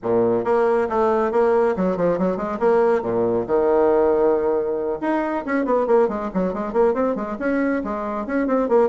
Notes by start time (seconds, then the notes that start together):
0.02 A#2
0.44 A#3
0.89 A3
1.31 A#3
1.76 F#3
1.96 F3
2.18 F#3
2.36 G#3
2.59 A#3
3.01 A#2
3.46 D#3
5.01 D#4
5.45 C#4
5.65 B3
5.86 A#3
6.08 G#3
6.33 F#3
6.53 G#3
6.73 A#3
6.94 C4
7.15 G#3
7.39 C#4
7.84 G#3
8.26 C#4
8.47 C4
8.69 A#3